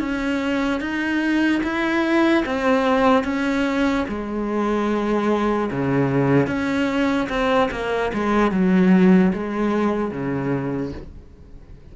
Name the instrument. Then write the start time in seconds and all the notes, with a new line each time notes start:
cello
0.00 C#4
0.81 D#4
1.63 E4
2.46 C4
3.24 C#4
4.09 G#3
5.72 C#3
6.47 C#4
7.29 C4
7.71 A#3
8.14 G#3
8.52 F#3
9.34 G#3
10.12 C#3